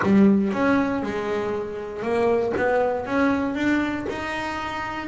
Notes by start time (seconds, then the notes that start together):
0.02 G3
0.52 C#4
1.02 G#3
2.02 A#3
2.57 B3
3.05 C#4
3.55 D4
4.09 D#4